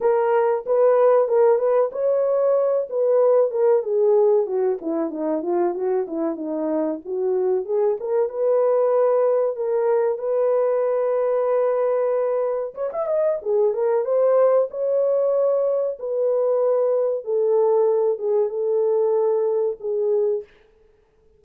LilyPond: \new Staff \with { instrumentName = "horn" } { \time 4/4 \tempo 4 = 94 ais'4 b'4 ais'8 b'8 cis''4~ | cis''8 b'4 ais'8 gis'4 fis'8 e'8 | dis'8 f'8 fis'8 e'8 dis'4 fis'4 | gis'8 ais'8 b'2 ais'4 |
b'1 | cis''16 e''16 dis''8 gis'8 ais'8 c''4 cis''4~ | cis''4 b'2 a'4~ | a'8 gis'8 a'2 gis'4 | }